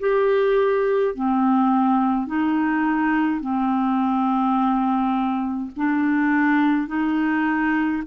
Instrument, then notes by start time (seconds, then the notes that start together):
clarinet
0.00 G4
1.15 C4
2.27 D#4
3.40 C4
5.76 D4
6.88 D#4